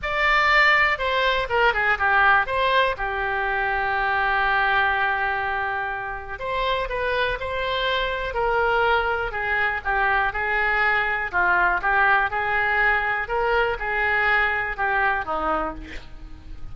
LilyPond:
\new Staff \with { instrumentName = "oboe" } { \time 4/4 \tempo 4 = 122 d''2 c''4 ais'8 gis'8 | g'4 c''4 g'2~ | g'1~ | g'4 c''4 b'4 c''4~ |
c''4 ais'2 gis'4 | g'4 gis'2 f'4 | g'4 gis'2 ais'4 | gis'2 g'4 dis'4 | }